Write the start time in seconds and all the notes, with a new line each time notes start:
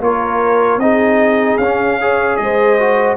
0.00 A#3 F4 A#4 C#5
0.77 C4 D#4 G#4 D#5
1.58 C#4 F5
1.64 C#4
2.01 G#4 C#5
2.37 G#3 D#5
2.43 C5
2.79 F#4